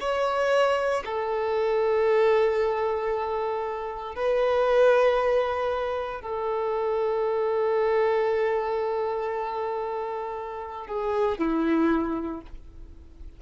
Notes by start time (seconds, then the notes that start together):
0.00 C#5
1.04 A4
4.15 B4
6.21 A4
10.87 G#4
11.38 E4